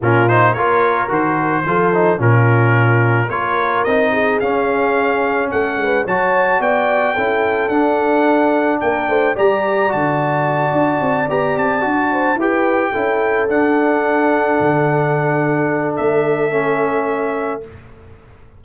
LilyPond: <<
  \new Staff \with { instrumentName = "trumpet" } { \time 4/4 \tempo 4 = 109 ais'8 c''8 cis''4 c''2 | ais'2 cis''4 dis''4 | f''2 fis''4 a''4 | g''2 fis''2 |
g''4 ais''4 a''2~ | a''8 ais''8 a''4. g''4.~ | g''8 fis''2.~ fis''8~ | fis''4 e''2. | }
  \new Staff \with { instrumentName = "horn" } { \time 4/4 f'4 ais'2 a'4 | f'2 ais'4. gis'8~ | gis'2 a'8 b'8 cis''4 | d''4 a'2. |
ais'8 c''8 d''2.~ | d''2 c''8 b'4 a'8~ | a'1~ | a'1 | }
  \new Staff \with { instrumentName = "trombone" } { \time 4/4 cis'8 dis'8 f'4 fis'4 f'8 dis'8 | cis'2 f'4 dis'4 | cis'2. fis'4~ | fis'4 e'4 d'2~ |
d'4 g'4 fis'2~ | fis'8 g'4 fis'4 g'4 e'8~ | e'8 d'2.~ d'8~ | d'2 cis'2 | }
  \new Staff \with { instrumentName = "tuba" } { \time 4/4 ais,4 ais4 dis4 f4 | ais,2 ais4 c'4 | cis'2 a8 gis8 fis4 | b4 cis'4 d'2 |
ais8 a8 g4 d4. d'8 | c'8 b8 c'8 d'4 e'4 cis'8~ | cis'8 d'2 d4.~ | d4 a2. | }
>>